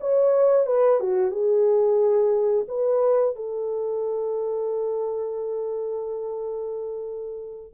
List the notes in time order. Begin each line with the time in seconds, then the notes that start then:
0.00 C#5
0.66 B4
1.00 F#4
1.31 G#4
2.68 B4
3.35 A4